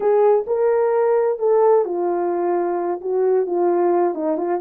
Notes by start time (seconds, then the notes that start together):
0.00 G#4
0.46 A#4
1.38 A4
1.84 F4
3.00 F#4
3.46 F4
4.14 D#4
4.37 F4